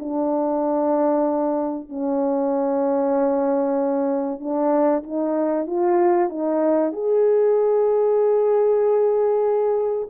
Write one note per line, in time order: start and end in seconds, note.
0.00 1.89 D4
1.89 4.40 C#4
4.40 5.04 D4
5.04 5.67 D#4
5.67 6.30 F4
6.30 6.93 D#4
6.93 10.09 G#4